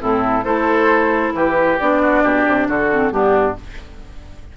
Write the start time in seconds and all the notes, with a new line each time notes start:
0.00 A2 C4 E4 A4
0.45 A3 E4 A4 C5
1.34 E3 G4 B4
1.79 B3 D4 D5
2.02 F#4
2.24 B2 G4
2.48 C3
2.69 D3 F#4 A4
2.92 C4
3.11 G2 B3 D4 G4